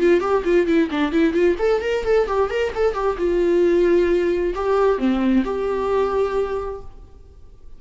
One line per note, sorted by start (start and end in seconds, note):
0.00 0.20 F4
0.20 0.43 G4
0.44 0.67 F4
0.67 0.89 E4
0.91 1.12 D4
1.12 1.33 E4
1.33 1.56 F4
1.59 1.81 A4
1.82 2.05 A#4
2.05 2.27 A4
2.27 2.50 G4
2.50 2.73 A#4
2.75 2.94 A4
2.94 3.17 G4
3.18 4.54 F4
4.55 4.98 G4
4.98 5.44 C4
5.44 6.81 G4